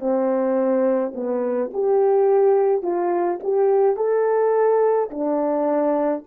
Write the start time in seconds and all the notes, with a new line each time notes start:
0.00 C4
1.15 B3
1.73 G4
2.83 F4
3.44 G4
3.97 A4
5.11 D4